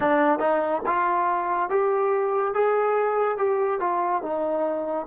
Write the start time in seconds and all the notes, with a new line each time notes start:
0.00 D4
0.39 D#4
0.86 F4
1.69 G4
2.54 G#4
3.37 G4
3.80 F4
4.22 D#4